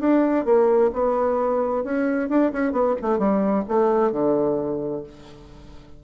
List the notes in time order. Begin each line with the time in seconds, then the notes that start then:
0.00 D4
0.45 A#3
0.93 B3
1.84 C#4
2.29 D4
2.52 C#4
2.72 B3
3.02 A3
3.19 G3
3.68 A3
4.12 D3